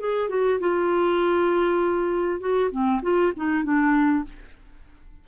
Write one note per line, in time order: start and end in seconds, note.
0.00 0.29 G#4
0.29 0.60 F#4
0.60 2.40 F4
2.40 2.71 F#4
2.71 3.01 C4
3.02 3.33 F4
3.36 3.64 D#4
3.64 4.25 D4